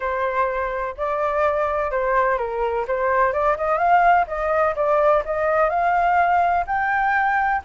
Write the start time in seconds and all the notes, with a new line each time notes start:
0.00 C5
0.97 D5
1.91 C5
2.37 A#4
2.87 C5
3.32 D5
3.57 D#5
3.77 F5
4.27 D#5
4.75 D5
5.25 D#5
5.69 F5
6.66 G5